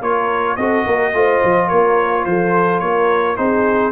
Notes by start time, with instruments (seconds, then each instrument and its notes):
0.00 tuba A#3, trombone F4, horn A#4, trumpet C#5
0.56 tuba C4, trombone F#4, horn A4, trumpet D#5
0.85 tuba A#3, horn A#4
1.13 tuba A3, trombone F4, horn C5
1.43 tuba F3
1.67 tuba A#3, horn A#4, trumpet C#5
2.25 tuba F3, horn A4, trumpet C5
2.79 tuba A#3, horn A#4, trumpet C#5
3.36 tuba C4, trombone D#4, horn G#4, trumpet C5